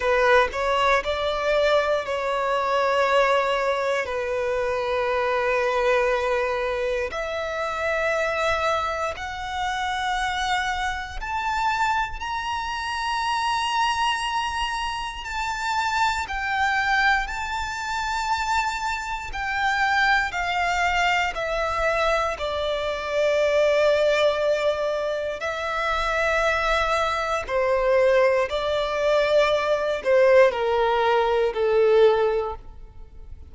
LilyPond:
\new Staff \with { instrumentName = "violin" } { \time 4/4 \tempo 4 = 59 b'8 cis''8 d''4 cis''2 | b'2. e''4~ | e''4 fis''2 a''4 | ais''2. a''4 |
g''4 a''2 g''4 | f''4 e''4 d''2~ | d''4 e''2 c''4 | d''4. c''8 ais'4 a'4 | }